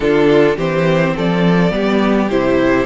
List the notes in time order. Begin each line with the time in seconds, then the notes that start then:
0.00 D3 D4 F4 A4
0.56 E3 C4 G4 C5
1.15 F3 A4 D5
1.71 G3 B3 G4
2.29 C3 E4 C5